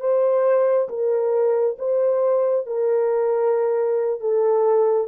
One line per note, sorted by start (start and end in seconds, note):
0.00 0.88 C5
0.89 1.77 A#4
1.78 2.66 C5
2.66 4.20 A#4
4.20 5.07 A4